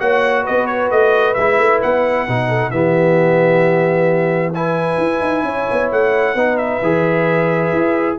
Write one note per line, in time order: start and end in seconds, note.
0.00 0.46 A#3
0.00 1.36 F#4
0.00 0.43 C#5
0.00 0.46 F#5
0.43 2.47 B4
0.43 0.67 D#5
0.49 0.91 B3
0.67 0.89 C#5
0.91 1.37 A3
0.91 1.34 D#5
1.34 1.59 G#3
1.34 2.29 E4
1.34 1.80 E5
1.59 1.82 A3
1.83 2.28 B3
1.83 2.71 F#5
2.28 2.72 B2
2.28 2.72 D#4
2.48 2.71 A4
2.71 4.98 E3
2.71 4.54 B3
2.71 4.55 G4
2.71 4.53 E5
4.54 6.37 E4
4.54 5.46 B4
4.54 5.91 G#5
4.98 5.21 E4
5.21 5.43 D#4
5.43 5.66 C#4
5.43 6.36 C#5
5.72 5.92 B3
5.92 6.35 A3
5.92 6.58 F#5
6.35 6.81 B3
6.35 6.82 D#4
6.35 8.17 B4
6.58 8.17 E5
6.82 7.73 E3
6.82 8.19 G#4
7.73 8.18 E4